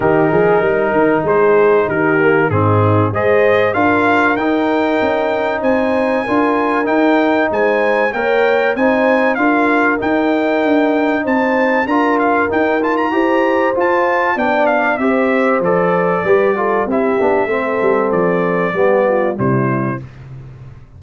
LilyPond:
<<
  \new Staff \with { instrumentName = "trumpet" } { \time 4/4 \tempo 4 = 96 ais'2 c''4 ais'4 | gis'4 dis''4 f''4 g''4~ | g''4 gis''2 g''4 | gis''4 g''4 gis''4 f''4 |
g''2 a''4 ais''8 f''8 | g''8 a''16 ais''4~ ais''16 a''4 g''8 f''8 | e''4 d''2 e''4~ | e''4 d''2 c''4 | }
  \new Staff \with { instrumentName = "horn" } { \time 4/4 g'8 gis'8 ais'4 gis'4 g'4 | dis'4 c''4 ais'2~ | ais'4 c''4 ais'2 | c''4 cis''4 c''4 ais'4~ |
ais'2 c''4 ais'4~ | ais'4 c''2 d''4 | c''2 b'8 a'8 g'4 | a'2 g'8 f'8 e'4 | }
  \new Staff \with { instrumentName = "trombone" } { \time 4/4 dis'2.~ dis'8 ais8 | c'4 gis'4 f'4 dis'4~ | dis'2 f'4 dis'4~ | dis'4 ais'4 dis'4 f'4 |
dis'2. f'4 | dis'8 f'8 g'4 f'4 d'4 | g'4 a'4 g'8 f'8 e'8 d'8 | c'2 b4 g4 | }
  \new Staff \with { instrumentName = "tuba" } { \time 4/4 dis8 f8 g8 dis8 gis4 dis4 | gis,4 gis4 d'4 dis'4 | cis'4 c'4 d'4 dis'4 | gis4 ais4 c'4 d'4 |
dis'4 d'4 c'4 d'4 | dis'4 e'4 f'4 b4 | c'4 f4 g4 c'8 b8 | a8 g8 f4 g4 c4 | }
>>